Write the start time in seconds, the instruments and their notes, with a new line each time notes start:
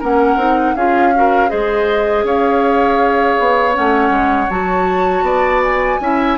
0.00 bassoon A#3, clarinet C#4, oboe A#4, flute F#5
0.37 bassoon C4, clarinet D#4
0.75 bassoon C#4, clarinet F4, oboe G#4, flute F5
1.15 clarinet F#4, oboe A#4
1.49 bassoon G#3, clarinet G#4, oboe C5, flute D#5
2.24 bassoon C#4, oboe C#5, flute F5
3.40 bassoon B3
3.73 bassoon A3, clarinet C#4, flute F#5
4.10 bassoon G#3
4.50 bassoon F#3, clarinet F#4, flute A5
5.22 bassoon B3, oboe D5
5.64 flute G#5
6.01 bassoon C#4, clarinet E4, oboe E5